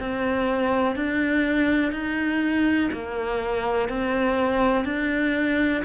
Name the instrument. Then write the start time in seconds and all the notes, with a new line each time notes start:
cello
0.00 C4
0.96 D4
1.92 D#4
2.93 A#3
3.89 C4
4.85 D4